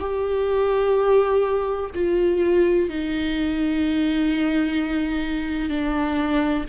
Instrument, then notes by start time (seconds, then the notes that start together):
viola
0.00 G4
1.94 F4
2.89 D#4
5.69 D4